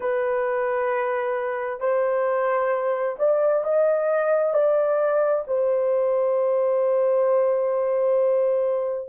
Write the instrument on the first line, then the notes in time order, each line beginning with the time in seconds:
horn
0.00 B4
1.80 C5
3.19 D5
3.64 D#5
4.53 D5
5.47 C5